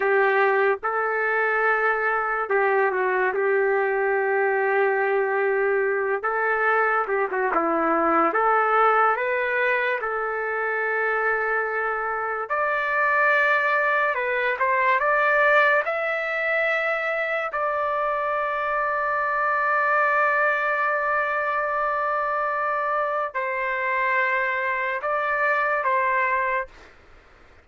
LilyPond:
\new Staff \with { instrumentName = "trumpet" } { \time 4/4 \tempo 4 = 72 g'4 a'2 g'8 fis'8 | g'2.~ g'8 a'8~ | a'8 g'16 fis'16 e'4 a'4 b'4 | a'2. d''4~ |
d''4 b'8 c''8 d''4 e''4~ | e''4 d''2.~ | d''1 | c''2 d''4 c''4 | }